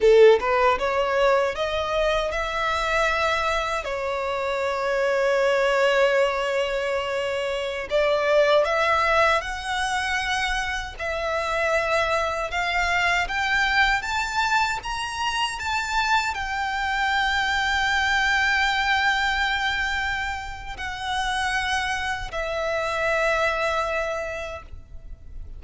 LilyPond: \new Staff \with { instrumentName = "violin" } { \time 4/4 \tempo 4 = 78 a'8 b'8 cis''4 dis''4 e''4~ | e''4 cis''2.~ | cis''2~ cis''16 d''4 e''8.~ | e''16 fis''2 e''4.~ e''16~ |
e''16 f''4 g''4 a''4 ais''8.~ | ais''16 a''4 g''2~ g''8.~ | g''2. fis''4~ | fis''4 e''2. | }